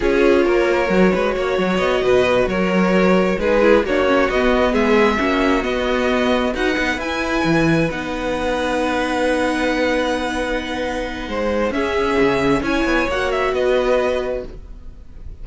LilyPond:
<<
  \new Staff \with { instrumentName = "violin" } { \time 4/4 \tempo 4 = 133 cis''1 | dis''4. cis''2 b'8~ | b'8 cis''4 dis''4 e''4.~ | e''8 dis''2 fis''4 gis''8~ |
gis''4. fis''2~ fis''8~ | fis''1~ | fis''2 e''2 | gis''4 fis''8 e''8 dis''2 | }
  \new Staff \with { instrumentName = "violin" } { \time 4/4 gis'4 ais'4. b'8 cis''4~ | cis''8 b'4 ais'2 gis'8~ | gis'8 fis'2 gis'4 fis'8~ | fis'2~ fis'8 b'4.~ |
b'1~ | b'1~ | b'4 c''4 gis'2 | cis''2 b'2 | }
  \new Staff \with { instrumentName = "viola" } { \time 4/4 f'2 fis'2~ | fis'2.~ fis'8 dis'8 | e'8 d'8 cis'8 b2 cis'8~ | cis'8 b2 fis'8 dis'8 e'8~ |
e'4. dis'2~ dis'8~ | dis'1~ | dis'2 cis'2 | e'4 fis'2. | }
  \new Staff \with { instrumentName = "cello" } { \time 4/4 cis'4 ais4 fis8 gis8 ais8 fis8 | b8 b,4 fis2 gis8~ | gis8 ais4 b4 gis4 ais8~ | ais8 b2 dis'8 b8 e'8~ |
e'8 e4 b2~ b8~ | b1~ | b4 gis4 cis'4 cis4 | cis'8 b8 ais4 b2 | }
>>